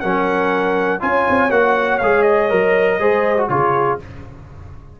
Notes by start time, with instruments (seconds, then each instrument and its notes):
0.00 tuba F#3, trombone C#4, horn A#4, trumpet F#5
1.00 tuba C#4, trombone F4, horn C#5, trumpet G#5
1.29 tuba C4
1.50 tuba A#3, trombone F#4, trumpet F#5
1.98 tuba G#3, trombone G#4, trumpet F5
2.22 trumpet D#5
2.49 tuba F#3, trombone A#4
2.99 tuba G#3, trombone G#4, horn C5
3.37 trombone F#4
3.49 tuba C#3, trombone F4, horn G#4, trumpet C#5